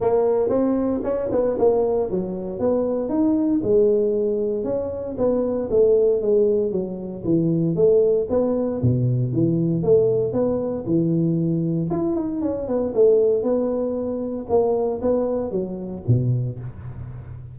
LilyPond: \new Staff \with { instrumentName = "tuba" } { \time 4/4 \tempo 4 = 116 ais4 c'4 cis'8 b8 ais4 | fis4 b4 dis'4 gis4~ | gis4 cis'4 b4 a4 | gis4 fis4 e4 a4 |
b4 b,4 e4 a4 | b4 e2 e'8 dis'8 | cis'8 b8 a4 b2 | ais4 b4 fis4 b,4 | }